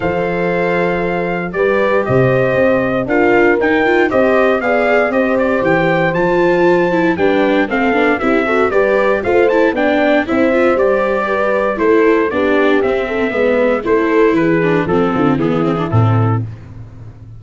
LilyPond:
<<
  \new Staff \with { instrumentName = "trumpet" } { \time 4/4 \tempo 4 = 117 f''2. d''4 | dis''2 f''4 g''4 | dis''4 f''4 dis''8 d''8 g''4 | a''2 g''4 f''4 |
e''4 d''4 f''8 a''8 g''4 | e''4 d''2 c''4 | d''4 e''2 c''4 | b'4 a'4 gis'4 a'4 | }
  \new Staff \with { instrumentName = "horn" } { \time 4/4 c''2. b'4 | c''2 ais'2 | c''4 d''4 c''2~ | c''2 b'4 a'4 |
g'8 a'8 b'4 c''4 d''4 | c''2 b'4 a'4 | g'4. a'8 b'4 a'4 | gis'4 a'8 f'8 e'2 | }
  \new Staff \with { instrumentName = "viola" } { \time 4/4 a'2. g'4~ | g'2 f'4 dis'8 f'8 | g'4 gis'4 g'2 | f'4. e'8 d'4 c'8 d'8 |
e'8 fis'8 g'4 f'8 e'8 d'4 | e'8 f'8 g'2 e'4 | d'4 c'4 b4 e'4~ | e'8 d'8 c'4 b8 c'16 d'16 c'4 | }
  \new Staff \with { instrumentName = "tuba" } { \time 4/4 f2. g4 | c4 c'4 d'4 dis'4 | c'4 b4 c'4 e4 | f2 g4 a8 b8 |
c'4 g4 a4 b4 | c'4 g2 a4 | b4 c'4 gis4 a4 | e4 f8 d8 e4 a,4 | }
>>